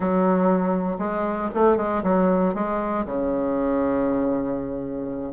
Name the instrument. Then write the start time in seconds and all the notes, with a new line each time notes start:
bassoon
0.00 F#3
0.98 G#3
1.54 A3
1.76 G#3
2.03 F#3
2.54 G#3
3.05 C#3